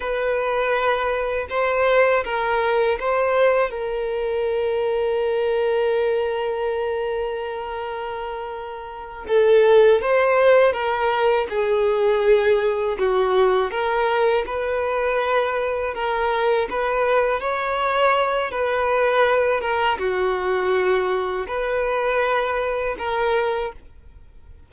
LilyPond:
\new Staff \with { instrumentName = "violin" } { \time 4/4 \tempo 4 = 81 b'2 c''4 ais'4 | c''4 ais'2.~ | ais'1~ | ais'8 a'4 c''4 ais'4 gis'8~ |
gis'4. fis'4 ais'4 b'8~ | b'4. ais'4 b'4 cis''8~ | cis''4 b'4. ais'8 fis'4~ | fis'4 b'2 ais'4 | }